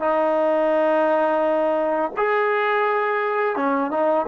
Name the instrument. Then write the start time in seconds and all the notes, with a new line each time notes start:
trombone
0.00 D#4
2.17 G#4
3.56 C#4
3.91 D#4